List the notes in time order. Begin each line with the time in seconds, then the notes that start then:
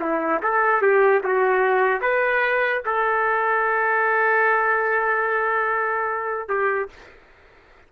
0.00 E4
0.42 A4
0.81 G4
1.23 F#4
2.01 B4
2.85 A4
6.48 G4